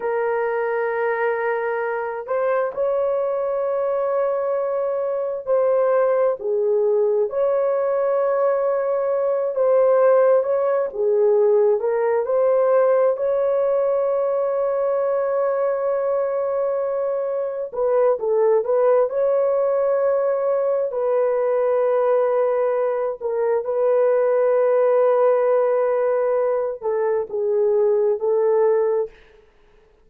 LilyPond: \new Staff \with { instrumentName = "horn" } { \time 4/4 \tempo 4 = 66 ais'2~ ais'8 c''8 cis''4~ | cis''2 c''4 gis'4 | cis''2~ cis''8 c''4 cis''8 | gis'4 ais'8 c''4 cis''4.~ |
cis''2.~ cis''8 b'8 | a'8 b'8 cis''2 b'4~ | b'4. ais'8 b'2~ | b'4. a'8 gis'4 a'4 | }